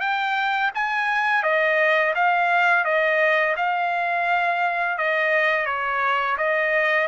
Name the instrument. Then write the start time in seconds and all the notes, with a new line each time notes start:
trumpet
0.00 G5
0.74 G#5
1.43 D#5
2.15 F5
2.85 D#5
3.56 F5
4.98 D#5
5.66 C#5
6.37 D#5